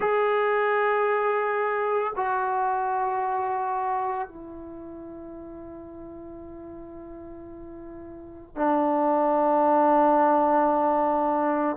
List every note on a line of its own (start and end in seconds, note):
0.00 2.13 G#4
2.15 4.28 F#4
4.28 8.55 E4
8.55 11.76 D4